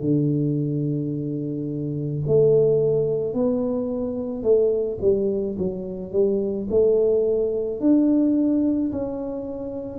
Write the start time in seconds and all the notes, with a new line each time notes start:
0.00 D3
2.26 A3
3.33 B3
4.42 A3
5.01 G3
5.58 F#3
6.12 G3
6.70 A3
7.80 D4
8.91 C#4